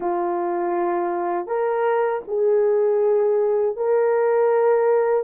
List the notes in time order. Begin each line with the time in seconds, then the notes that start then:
0.00 F4
1.46 A#4
2.27 G#4
3.76 A#4